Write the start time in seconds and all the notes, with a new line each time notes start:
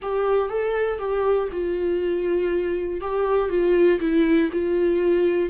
0.02 G4
0.49 A4
0.99 G4
1.51 F4
3.00 G4
3.49 F4
4.00 E4
4.52 F4